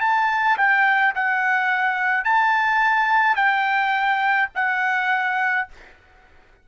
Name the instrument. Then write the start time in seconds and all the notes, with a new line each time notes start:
trumpet
0.00 A5
0.57 G5
1.15 F#5
2.24 A5
3.36 G5
4.55 F#5